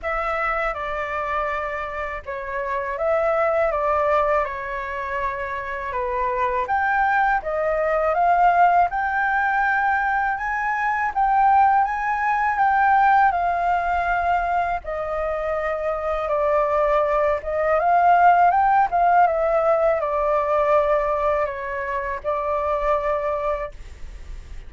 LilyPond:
\new Staff \with { instrumentName = "flute" } { \time 4/4 \tempo 4 = 81 e''4 d''2 cis''4 | e''4 d''4 cis''2 | b'4 g''4 dis''4 f''4 | g''2 gis''4 g''4 |
gis''4 g''4 f''2 | dis''2 d''4. dis''8 | f''4 g''8 f''8 e''4 d''4~ | d''4 cis''4 d''2 | }